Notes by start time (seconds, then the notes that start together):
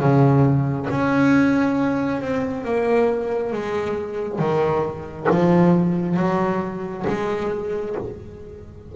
0.00 C#3
0.91 C#4
2.21 C4
2.65 A#3
3.53 G#3
4.39 D#3
5.30 F3
6.17 F#3
7.07 G#3